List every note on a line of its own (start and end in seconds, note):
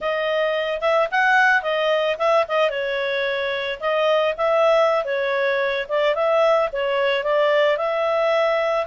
0.00 0.80 D#5
0.80 1.08 E5
1.11 1.62 F#5
1.62 2.16 D#5
2.18 2.45 E5
2.48 2.70 D#5
2.70 3.79 C#5
3.80 4.34 D#5
4.37 5.05 E5
5.05 5.86 C#5
5.88 6.14 D5
6.14 6.69 E5
6.72 7.23 C#5
7.23 7.77 D5
7.77 8.86 E5